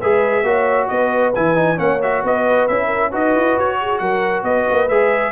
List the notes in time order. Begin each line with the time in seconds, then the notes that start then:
0.00 G#3 G#4 B4 E5
0.43 A#3 F#4 C#5
0.88 B3 B4 D#5
1.34 E3 E4 G#5
1.55 D#4
1.76 A#3 C#4 C#5 F#5
2.02 F#4 E5
2.23 B3 B4 D#5
2.67 C#4 E4 E5
2.87 A#4
3.10 D#4 F#4 B4 D#5
3.35 E4
3.57 F#4 C#5
3.80 G#4
3.98 F#3 A#4 F#5
4.43 B3 B4 D#5
4.70 A#3
4.88 G#3 G#4 E5